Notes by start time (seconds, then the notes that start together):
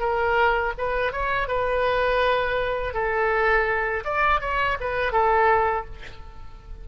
0.00 A#4
0.78 B4
1.12 C#5
1.48 B4
2.94 A4
4.05 D5
4.41 C#5
4.81 B4
5.12 A4